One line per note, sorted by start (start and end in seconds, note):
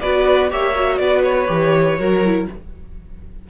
0.00 0.52 B3
0.00 0.49 F#4
0.00 0.49 B4
0.00 0.49 D5
0.49 0.99 A#3
0.49 0.74 G4
0.49 0.99 C#5
0.49 0.97 E5
0.74 1.47 F#4
0.97 1.48 B3
0.97 1.98 B4
0.97 1.22 D5
1.22 2.45 C#5
1.47 1.98 E3
1.47 1.96 G4
1.98 2.47 F#3
1.98 2.23 F#4
1.98 2.47 A#4
2.24 2.49 E4